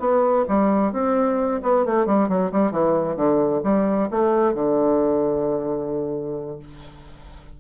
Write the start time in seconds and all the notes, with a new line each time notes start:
0.00 B3
0.49 G3
0.93 C4
1.63 B3
1.86 A3
2.07 G3
2.29 F#3
2.52 G3
2.72 E3
3.17 D3
3.64 G3
4.11 A3
4.55 D3